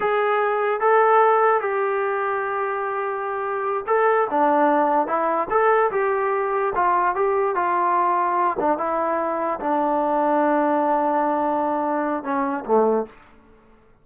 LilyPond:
\new Staff \with { instrumentName = "trombone" } { \time 4/4 \tempo 4 = 147 gis'2 a'2 | g'1~ | g'4. a'4 d'4.~ | d'8 e'4 a'4 g'4.~ |
g'8 f'4 g'4 f'4.~ | f'4 d'8 e'2 d'8~ | d'1~ | d'2 cis'4 a4 | }